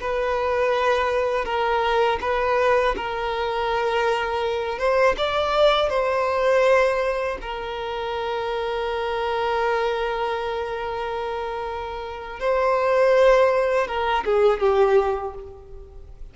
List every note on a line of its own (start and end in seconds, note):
0.00 1.44 B4
1.44 2.19 A#4
2.21 2.95 B4
2.96 4.78 A#4
4.78 5.15 C5
5.17 5.89 D5
5.89 7.37 C5
7.41 12.39 A#4
12.39 13.87 C5
13.87 14.24 A#4
14.25 14.60 G#4
14.60 15.34 G4